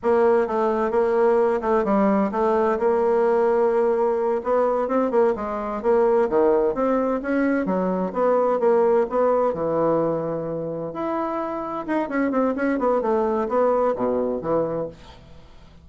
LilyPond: \new Staff \with { instrumentName = "bassoon" } { \time 4/4 \tempo 4 = 129 ais4 a4 ais4. a8 | g4 a4 ais2~ | ais4. b4 c'8 ais8 gis8~ | gis8 ais4 dis4 c'4 cis'8~ |
cis'8 fis4 b4 ais4 b8~ | b8 e2. e'8~ | e'4. dis'8 cis'8 c'8 cis'8 b8 | a4 b4 b,4 e4 | }